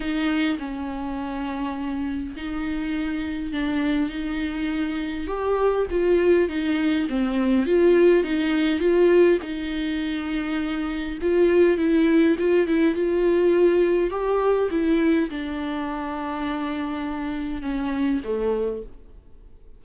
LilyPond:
\new Staff \with { instrumentName = "viola" } { \time 4/4 \tempo 4 = 102 dis'4 cis'2. | dis'2 d'4 dis'4~ | dis'4 g'4 f'4 dis'4 | c'4 f'4 dis'4 f'4 |
dis'2. f'4 | e'4 f'8 e'8 f'2 | g'4 e'4 d'2~ | d'2 cis'4 a4 | }